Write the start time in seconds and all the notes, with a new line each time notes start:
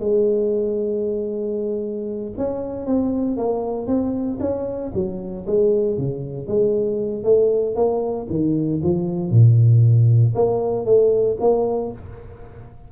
0.00 G#3
2.38 C#4
2.86 C4
3.37 A#3
3.87 C4
4.40 C#4
4.94 F#3
5.47 G#3
5.98 C#3
6.48 G#3
7.24 A3
7.76 A#3
8.30 D#3
8.83 F3
9.31 A#2
10.35 A#3
10.86 A3
11.40 A#3